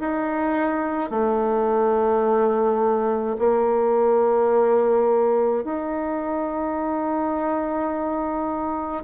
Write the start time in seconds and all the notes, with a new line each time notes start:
0.00 D#4
1.10 A3
3.38 A#3
5.64 D#4